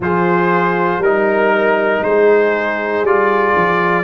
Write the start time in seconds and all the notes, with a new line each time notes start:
0.00 F3 F4 G#4 C5
0.98 G3 D#4 A#4
2.00 G#3 C5
2.07 G#4
3.02 G3 F4 D5
3.56 F3